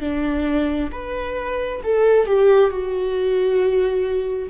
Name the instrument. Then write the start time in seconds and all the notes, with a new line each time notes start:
viola
0.00 D4
0.91 B4
1.83 A4
2.26 G4
2.70 F#4